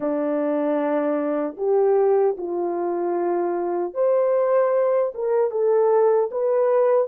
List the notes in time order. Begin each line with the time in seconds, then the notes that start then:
0.00 D4
1.57 G4
2.37 F4
3.94 C5
5.14 A#4
5.50 A4
6.31 B4